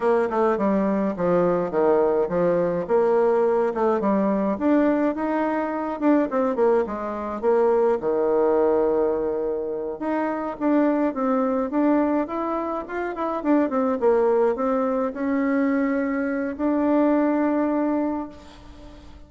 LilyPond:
\new Staff \with { instrumentName = "bassoon" } { \time 4/4 \tempo 4 = 105 ais8 a8 g4 f4 dis4 | f4 ais4. a8 g4 | d'4 dis'4. d'8 c'8 ais8 | gis4 ais4 dis2~ |
dis4. dis'4 d'4 c'8~ | c'8 d'4 e'4 f'8 e'8 d'8 | c'8 ais4 c'4 cis'4.~ | cis'4 d'2. | }